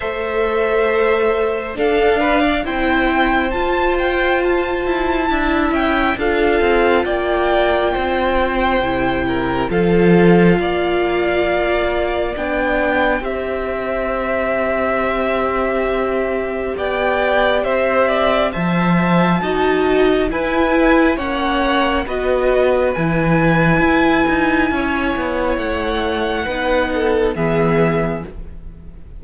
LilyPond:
<<
  \new Staff \with { instrumentName = "violin" } { \time 4/4 \tempo 4 = 68 e''2 f''4 g''4 | a''8 g''8 a''4. g''8 f''4 | g''2. f''4~ | f''2 g''4 e''4~ |
e''2. g''4 | e''4 a''2 gis''4 | fis''4 dis''4 gis''2~ | gis''4 fis''2 e''4 | }
  \new Staff \with { instrumentName = "violin" } { \time 4/4 c''2 a'8 b'16 d''16 c''4~ | c''2 e''4 a'4 | d''4 c''4. ais'8 a'4 | d''2. c''4~ |
c''2. d''4 | c''8 d''8 e''4 dis''4 b'4 | cis''4 b'2. | cis''2 b'8 a'8 gis'4 | }
  \new Staff \with { instrumentName = "viola" } { \time 4/4 a'2 d'4 e'4 | f'2 e'4 f'4~ | f'2 e'4 f'4~ | f'2 d'4 g'4~ |
g'1~ | g'4 c''4 fis'4 e'4 | cis'4 fis'4 e'2~ | e'2 dis'4 b4 | }
  \new Staff \with { instrumentName = "cello" } { \time 4/4 a2 d'4 c'4 | f'4. e'8 d'8 cis'8 d'8 c'8 | ais4 c'4 c4 f4 | ais2 b4 c'4~ |
c'2. b4 | c'4 f4 dis'4 e'4 | ais4 b4 e4 e'8 dis'8 | cis'8 b8 a4 b4 e4 | }
>>